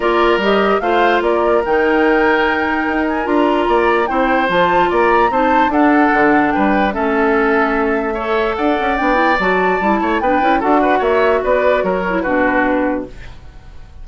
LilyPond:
<<
  \new Staff \with { instrumentName = "flute" } { \time 4/4 \tempo 4 = 147 d''4 dis''4 f''4 d''4 | g''2.~ g''8 gis''8 | ais''2 g''4 a''4 | ais''4 a''4 fis''2 |
g''4 e''2.~ | e''4 fis''4 g''4 a''4~ | a''4 g''4 fis''4 e''4 | d''4 cis''4 b'2 | }
  \new Staff \with { instrumentName = "oboe" } { \time 4/4 ais'2 c''4 ais'4~ | ais'1~ | ais'4 d''4 c''2 | d''4 c''4 a'2 |
b'4 a'2. | cis''4 d''2.~ | d''8 cis''8 b'4 a'8 b'8 cis''4 | b'4 ais'4 fis'2 | }
  \new Staff \with { instrumentName = "clarinet" } { \time 4/4 f'4 g'4 f'2 | dis'1 | f'2 e'4 f'4~ | f'4 dis'4 d'2~ |
d'4 cis'2. | a'2 d'8 e'8 fis'4 | e'4 d'8 e'8 fis'2~ | fis'4. e'8 d'2 | }
  \new Staff \with { instrumentName = "bassoon" } { \time 4/4 ais4 g4 a4 ais4 | dis2. dis'4 | d'4 ais4 c'4 f4 | ais4 c'4 d'4 d4 |
g4 a2.~ | a4 d'8 cis'8 b4 fis4 | g8 a8 b8 cis'8 d'4 ais4 | b4 fis4 b,2 | }
>>